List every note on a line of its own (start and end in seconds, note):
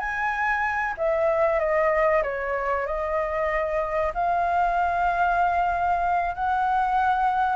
0.00 0.95 G#5
0.98 1.60 E5
1.60 2.23 D#5
2.23 2.87 C#5
2.87 4.13 D#5
4.15 6.35 F5
6.35 7.57 F#5